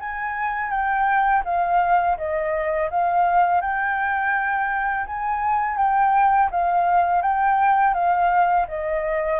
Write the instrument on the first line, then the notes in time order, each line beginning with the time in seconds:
flute
0.00 G#5
0.70 G5
1.45 F5
2.17 D#5
2.90 F5
3.61 G5
5.06 G#5
5.77 G5
6.51 F5
7.22 G5
7.94 F5
8.67 D#5